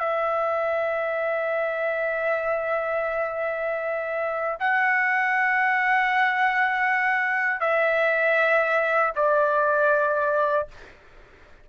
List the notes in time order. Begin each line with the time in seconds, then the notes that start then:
0.00 E5
4.59 F#5
7.60 E5
9.16 D5